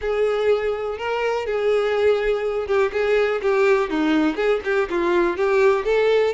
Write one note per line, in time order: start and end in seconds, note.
0.01 0.98 G#4
0.98 1.46 A#4
1.46 2.67 G#4
2.67 2.91 G4
2.92 3.41 G#4
3.41 3.90 G4
3.90 4.35 D#4
4.35 4.60 G#4
4.64 4.88 G4
4.90 5.36 F4
5.36 5.84 G4
5.84 6.33 A4